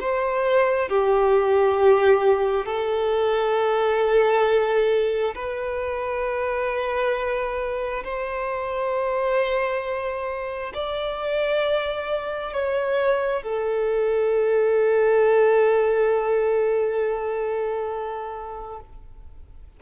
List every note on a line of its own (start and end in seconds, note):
0.00 0.89 C5
0.89 2.66 G4
2.66 5.34 A4
5.35 8.04 B4
8.04 10.73 C5
10.74 12.53 D5
12.53 13.43 C#5
13.43 18.80 A4